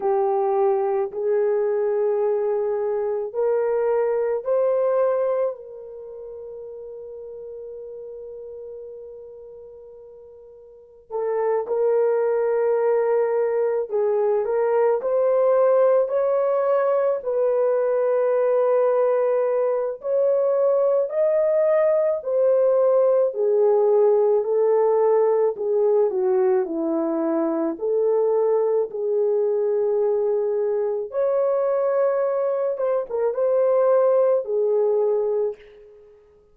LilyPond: \new Staff \with { instrumentName = "horn" } { \time 4/4 \tempo 4 = 54 g'4 gis'2 ais'4 | c''4 ais'2.~ | ais'2 a'8 ais'4.~ | ais'8 gis'8 ais'8 c''4 cis''4 b'8~ |
b'2 cis''4 dis''4 | c''4 gis'4 a'4 gis'8 fis'8 | e'4 a'4 gis'2 | cis''4. c''16 ais'16 c''4 gis'4 | }